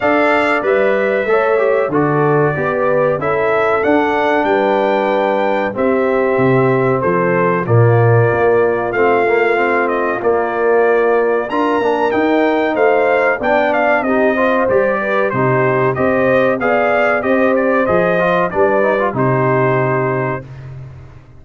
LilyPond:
<<
  \new Staff \with { instrumentName = "trumpet" } { \time 4/4 \tempo 4 = 94 f''4 e''2 d''4~ | d''4 e''4 fis''4 g''4~ | g''4 e''2 c''4 | d''2 f''4. dis''8 |
d''2 ais''4 g''4 | f''4 g''8 f''8 dis''4 d''4 | c''4 dis''4 f''4 dis''8 d''8 | dis''4 d''4 c''2 | }
  \new Staff \with { instrumentName = "horn" } { \time 4/4 d''2 cis''4 a'4 | b'4 a'2 b'4~ | b'4 g'2 a'4 | f'1~ |
f'2 ais'2 | c''4 d''4 g'8 c''4 b'8 | g'4 c''4 d''4 c''4~ | c''4 b'4 g'2 | }
  \new Staff \with { instrumentName = "trombone" } { \time 4/4 a'4 b'4 a'8 g'8 fis'4 | g'4 e'4 d'2~ | d'4 c'2. | ais2 c'8 ais8 c'4 |
ais2 f'8 d'8 dis'4~ | dis'4 d'4 dis'8 f'8 g'4 | dis'4 g'4 gis'4 g'4 | gis'8 f'8 d'8 dis'16 f'16 dis'2 | }
  \new Staff \with { instrumentName = "tuba" } { \time 4/4 d'4 g4 a4 d4 | b4 cis'4 d'4 g4~ | g4 c'4 c4 f4 | ais,4 ais4 a2 |
ais2 d'8 ais8 dis'4 | a4 b4 c'4 g4 | c4 c'4 b4 c'4 | f4 g4 c2 | }
>>